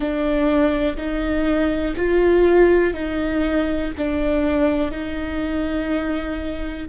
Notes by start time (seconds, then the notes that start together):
0.00 D4
0.96 D#4
1.96 F4
2.93 D#4
3.97 D4
4.91 D#4